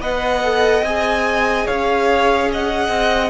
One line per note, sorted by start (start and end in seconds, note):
0.00 0.82 B3
0.00 0.43 B4
0.00 1.66 D#5
0.00 0.85 F#5
0.44 0.85 A4
0.82 1.65 C4
0.82 3.30 G#4
0.82 1.67 G#5
1.66 2.88 C#4
1.66 2.50 C#5
1.66 2.51 F5
2.52 3.30 D#5
2.52 3.30 F#5
2.88 3.30 C4